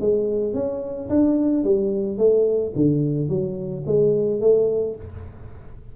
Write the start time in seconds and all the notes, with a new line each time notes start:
0.00 G#3
0.54 C#4
1.09 D4
1.63 G3
2.17 A3
2.75 D3
3.29 F#3
3.86 G#3
4.40 A3